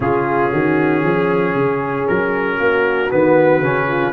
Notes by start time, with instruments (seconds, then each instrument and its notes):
0.00 tuba C#3, trombone C#4, horn F4, trumpet G#4
0.50 tuba D#3, horn F#4
1.03 tuba F3, horn G#4
1.55 tuba C#3
2.07 tuba F#3, trumpet A#4
2.59 tuba A#3, horn F#4
3.10 tuba D#3, trombone B3, trumpet B4
3.59 tuba C#3, trombone C#4
3.87 horn F4